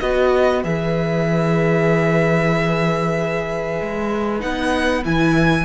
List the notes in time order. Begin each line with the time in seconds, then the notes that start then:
0.00 B3 F#4 B4 D#5
0.64 E3 G#4 E5
3.81 G#3
4.40 B3 D#4 F#5
5.04 E3 E4 G#5